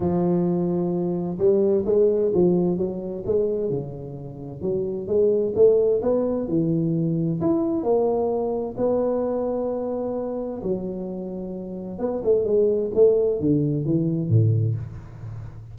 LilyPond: \new Staff \with { instrumentName = "tuba" } { \time 4/4 \tempo 4 = 130 f2. g4 | gis4 f4 fis4 gis4 | cis2 fis4 gis4 | a4 b4 e2 |
e'4 ais2 b4~ | b2. fis4~ | fis2 b8 a8 gis4 | a4 d4 e4 a,4 | }